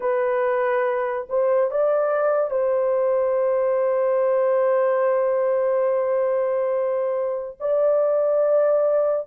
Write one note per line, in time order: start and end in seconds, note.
0.00 1.27 B4
1.29 1.70 C5
1.70 2.50 D5
2.50 7.57 C5
7.60 9.27 D5